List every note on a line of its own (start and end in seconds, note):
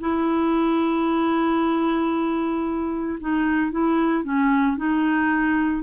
0.00 3.19 E4
3.20 3.71 D#4
3.71 4.24 E4
4.24 4.76 C#4
4.76 5.82 D#4